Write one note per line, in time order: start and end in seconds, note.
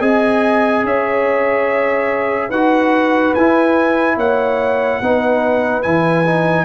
0.00 0.84 C4
0.00 2.50 G#4
0.00 0.83 D#5
0.00 0.85 G#5
0.84 2.50 C#4
0.84 2.49 C#5
0.84 2.51 E5
2.49 3.33 D#4
2.49 3.36 F#4
2.49 4.16 B4
2.49 3.34 F#5
3.34 4.17 E4
3.34 5.03 E4
3.34 4.18 G#5
4.17 5.00 A#3
4.17 5.00 C#5
4.17 5.82 F#5
5.01 5.85 B3
5.01 5.83 D#4
5.01 6.65 B4
5.82 6.65 E3
5.82 6.24 E4
5.82 6.65 G#5
6.25 6.65 D#4